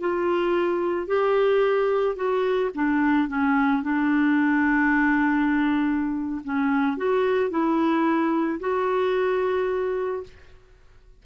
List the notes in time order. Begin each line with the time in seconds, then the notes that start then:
0.00 F4
1.07 G4
2.15 F#4
2.74 D4
3.28 C#4
3.82 D4
6.44 C#4
6.97 F#4
7.50 E4
8.60 F#4